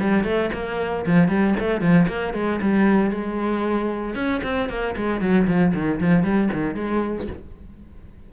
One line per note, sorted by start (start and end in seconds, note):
0.00 0.24 G3
0.24 0.50 A3
0.53 1.05 A#3
1.06 1.28 F3
1.28 1.54 G3
1.59 1.80 A3
1.80 2.07 F3
2.08 2.34 A#3
2.34 2.60 G#3
2.62 3.10 G3
3.10 4.15 G#3
4.15 4.41 C#4
4.43 4.69 C4
4.69 4.95 A#3
4.96 5.21 G#3
5.21 5.47 F#3
5.47 5.73 F3
5.74 6.00 D#3
6.00 6.23 F3
6.23 6.49 G3
6.53 6.75 D#3
6.75 7.27 G#3